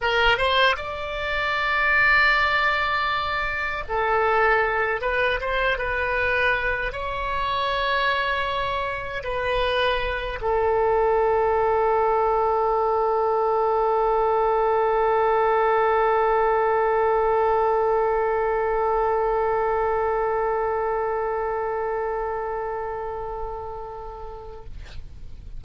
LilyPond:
\new Staff \with { instrumentName = "oboe" } { \time 4/4 \tempo 4 = 78 ais'8 c''8 d''2.~ | d''4 a'4. b'8 c''8 b'8~ | b'4 cis''2. | b'4. a'2~ a'8~ |
a'1~ | a'1~ | a'1~ | a'1 | }